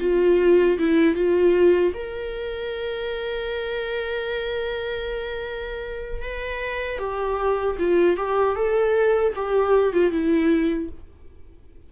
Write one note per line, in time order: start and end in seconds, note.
0.00 0.78 F4
0.78 1.15 E4
1.15 1.93 F4
1.94 6.22 A#4
6.22 6.98 B4
6.98 7.76 G4
7.79 8.17 F4
8.17 8.56 G4
8.56 9.34 A4
9.35 9.93 G4
9.93 10.11 F4
10.11 10.89 E4